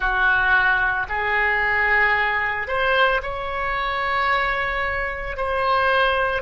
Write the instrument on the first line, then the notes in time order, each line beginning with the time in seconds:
oboe
0.00 F#4
1.09 G#4
2.67 C5
3.22 C#5
5.36 C5